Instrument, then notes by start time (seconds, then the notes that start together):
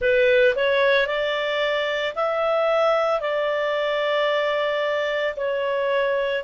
clarinet
0.00 B4
0.55 C#5
1.07 D5
2.15 E5
3.20 D5
5.36 C#5